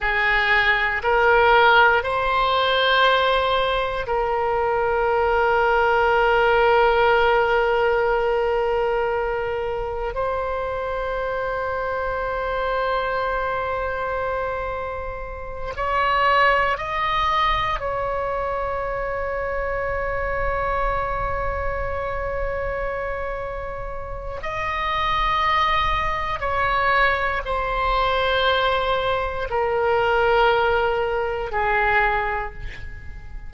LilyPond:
\new Staff \with { instrumentName = "oboe" } { \time 4/4 \tempo 4 = 59 gis'4 ais'4 c''2 | ais'1~ | ais'2 c''2~ | c''2.~ c''8 cis''8~ |
cis''8 dis''4 cis''2~ cis''8~ | cis''1 | dis''2 cis''4 c''4~ | c''4 ais'2 gis'4 | }